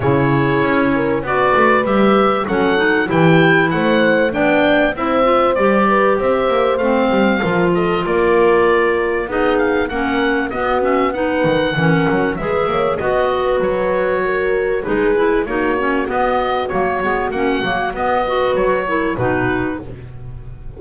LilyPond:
<<
  \new Staff \with { instrumentName = "oboe" } { \time 4/4 \tempo 4 = 97 cis''2 d''4 e''4 | fis''4 g''4 fis''4 g''4 | e''4 d''4 e''4 f''4~ | f''8 dis''8 d''2 dis''8 f''8 |
fis''4 dis''8 e''8 fis''2 | e''4 dis''4 cis''2 | b'4 cis''4 dis''4 cis''4 | fis''4 dis''4 cis''4 b'4 | }
  \new Staff \with { instrumentName = "horn" } { \time 4/4 gis'4. ais'8 b'2 | a'4 g'4 c''4 d''4 | c''4. b'8 c''2 | ais'8 a'8 ais'2 gis'4 |
ais'4 fis'4 b'4 ais'4 | b'8 cis''8 dis''8 b'4. ais'4 | gis'4 fis'2.~ | fis'4. b'4 ais'8 fis'4 | }
  \new Staff \with { instrumentName = "clarinet" } { \time 4/4 e'2 fis'4 g'4 | cis'8 dis'8 e'2 d'4 | e'8 f'8 g'2 c'4 | f'2. dis'4 |
cis'4 b8 cis'8 dis'4 cis'4 | gis'4 fis'2. | dis'8 e'8 dis'8 cis'8 b4 ais8 b8 | cis'8 ais8 b8 fis'4 e'8 dis'4 | }
  \new Staff \with { instrumentName = "double bass" } { \time 4/4 cis4 cis'4 b8 a8 g4 | fis4 e4 a4 b4 | c'4 g4 c'8 ais8 a8 g8 | f4 ais2 b4 |
ais4 b4. dis8 e8 fis8 | gis8 ais8 b4 fis2 | gis4 ais4 b4 fis8 gis8 | ais8 fis8 b4 fis4 b,4 | }
>>